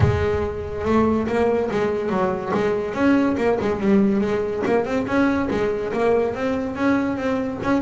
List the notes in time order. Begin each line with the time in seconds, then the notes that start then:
0.00 G#3
0.85 A3
1.27 A#3
1.71 G#3
2.09 F#3
2.54 G#3
2.93 C#4
3.37 A#3
3.60 G#3
3.80 G3
4.20 G#3
4.65 A#3
4.85 C4
5.06 C#4
5.50 G#3
5.92 A#3
6.34 C4
6.75 C#4
7.17 C4
7.63 C#4